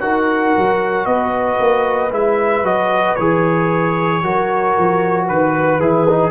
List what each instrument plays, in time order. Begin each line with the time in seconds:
0.00 tuba D#4, trombone F#4, horn A#4, trumpet F#5
0.56 tuba F#3
1.05 tuba B3, horn B4, trumpet D#5
1.59 tuba A#3
2.11 tuba G#3, trombone E4, trumpet E5
2.62 tuba F#3, trombone F#4, trumpet D#5
3.15 tuba E3, trombone G#4, trumpet C#5
4.23 tuba F#3, trombone F#4, horn A#4
4.77 tuba F3
5.26 tuba D#3, horn B4, trumpet B4
5.79 tuba E3, trombone E4, trumpet G#4
6.09 trombone D#4